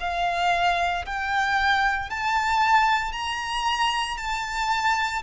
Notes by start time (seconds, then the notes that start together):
0.00 F5
1.05 G5
2.10 A5
3.12 A#5
4.17 A5